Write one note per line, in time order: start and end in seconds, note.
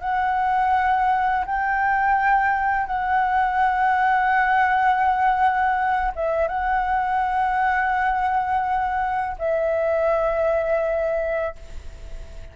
0.00 1.45 F#5
1.46 2.86 G5
2.86 6.12 F#5
6.15 6.47 E5
6.47 9.36 F#5
9.38 11.55 E5